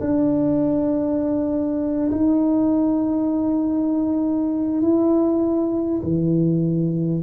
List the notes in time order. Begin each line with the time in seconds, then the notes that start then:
0.00 D4
2.11 D#4
4.81 E4
6.03 E3